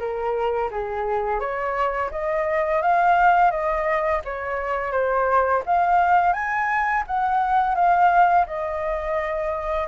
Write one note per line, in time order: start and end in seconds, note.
0.00 0.71 A#4
0.72 1.40 G#4
1.40 2.11 C#5
2.12 2.82 D#5
2.82 3.51 F5
3.51 4.22 D#5
4.25 4.92 C#5
4.92 5.63 C5
5.66 6.33 F5
6.33 7.04 G#5
7.07 7.75 F#5
7.75 8.46 F5
8.47 9.88 D#5